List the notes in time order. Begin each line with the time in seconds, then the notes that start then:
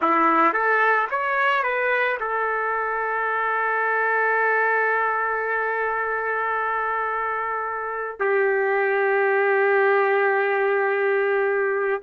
0.01 E4
0.53 A4
1.10 C#5
1.63 B4
2.20 A4
8.19 G4